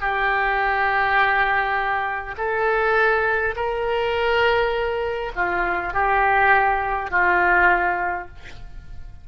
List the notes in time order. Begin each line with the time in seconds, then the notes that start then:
0.00 G4
2.37 A4
3.56 A#4
5.35 F4
5.94 G4
7.11 F4